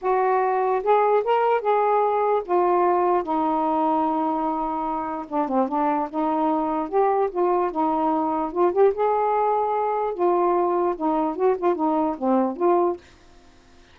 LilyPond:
\new Staff \with { instrumentName = "saxophone" } { \time 4/4 \tempo 4 = 148 fis'2 gis'4 ais'4 | gis'2 f'2 | dis'1~ | dis'4 d'8 c'8 d'4 dis'4~ |
dis'4 g'4 f'4 dis'4~ | dis'4 f'8 g'8 gis'2~ | gis'4 f'2 dis'4 | fis'8 f'8 dis'4 c'4 f'4 | }